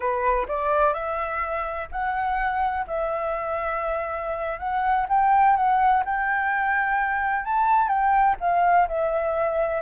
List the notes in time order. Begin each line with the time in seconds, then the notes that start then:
0.00 B4
0.48 D5
0.93 E5
1.91 F#5
2.87 E5
4.59 F#5
5.09 G5
5.56 F#5
6.05 G5
7.45 A5
7.88 G5
8.40 F5
8.88 E5